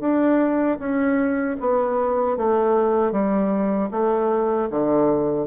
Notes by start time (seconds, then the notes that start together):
0.00 D4
0.79 C#4
1.60 B3
2.37 A3
3.11 G3
3.91 A3
4.70 D3